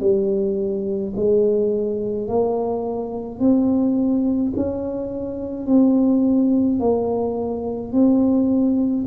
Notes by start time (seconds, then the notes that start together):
0.00 G3
1.16 G#3
2.28 A#3
3.40 C4
4.56 C#4
5.67 C4
6.80 A#3
7.92 C4